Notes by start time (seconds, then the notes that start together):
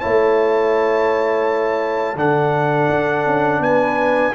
0.00 A3 E4 C#5 A5
2.15 D3 D4 A4 F#5
2.90 D4
3.25 C#4
3.59 B3 B4 G#5